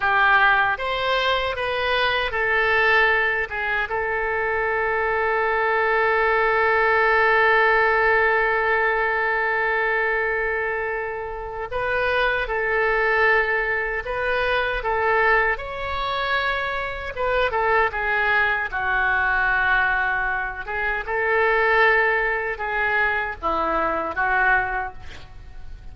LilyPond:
\new Staff \with { instrumentName = "oboe" } { \time 4/4 \tempo 4 = 77 g'4 c''4 b'4 a'4~ | a'8 gis'8 a'2.~ | a'1~ | a'2. b'4 |
a'2 b'4 a'4 | cis''2 b'8 a'8 gis'4 | fis'2~ fis'8 gis'8 a'4~ | a'4 gis'4 e'4 fis'4 | }